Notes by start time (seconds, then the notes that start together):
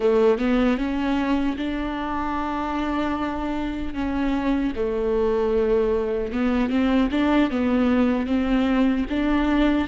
0.00 A3
0.38 B3
0.77 C#4
1.57 D4
3.94 C#4
4.75 A3
6.32 B3
6.69 C4
7.11 D4
7.50 B3
8.26 C4
9.09 D4